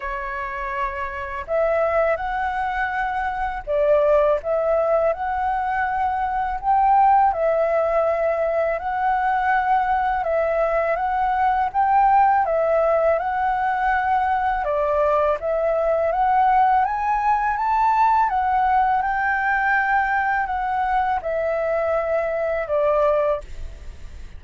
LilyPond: \new Staff \with { instrumentName = "flute" } { \time 4/4 \tempo 4 = 82 cis''2 e''4 fis''4~ | fis''4 d''4 e''4 fis''4~ | fis''4 g''4 e''2 | fis''2 e''4 fis''4 |
g''4 e''4 fis''2 | d''4 e''4 fis''4 gis''4 | a''4 fis''4 g''2 | fis''4 e''2 d''4 | }